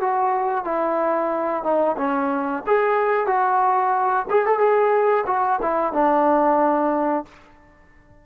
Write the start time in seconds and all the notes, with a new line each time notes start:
0.00 F#4
0.64 E4
1.63 D#4
1.98 C#4
2.67 G#4
3.27 F#4
4.30 G#4
4.46 A4
4.59 G#4
5.27 F#4
5.62 E4
5.93 D4